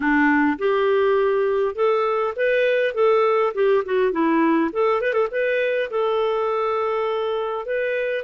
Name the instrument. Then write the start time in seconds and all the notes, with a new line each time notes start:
clarinet
0.00 D4
0.58 G4
1.75 A4
2.36 B4
2.94 A4
3.54 G4
3.85 F#4
4.12 E4
4.72 A4
5.01 B4
5.13 A4
5.31 B4
5.90 A4
7.65 B4